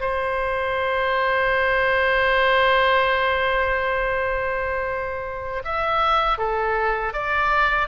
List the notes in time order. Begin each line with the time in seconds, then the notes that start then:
0.00 C5
5.64 E5
6.38 A4
7.13 D5